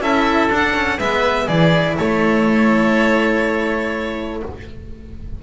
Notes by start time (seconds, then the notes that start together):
0.00 C#4 E4 A4 E5
0.49 D4 F#5
0.74 C#4
0.99 G#3 B3 B4 E5
1.46 E3 E4 G#4 D5
1.97 A3 A4 C#5